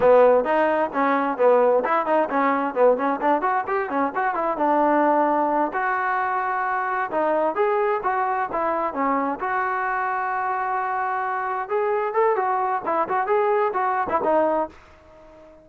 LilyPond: \new Staff \with { instrumentName = "trombone" } { \time 4/4 \tempo 4 = 131 b4 dis'4 cis'4 b4 | e'8 dis'8 cis'4 b8 cis'8 d'8 fis'8 | g'8 cis'8 fis'8 e'8 d'2~ | d'8 fis'2. dis'8~ |
dis'8 gis'4 fis'4 e'4 cis'8~ | cis'8 fis'2.~ fis'8~ | fis'4. gis'4 a'8 fis'4 | e'8 fis'8 gis'4 fis'8. e'16 dis'4 | }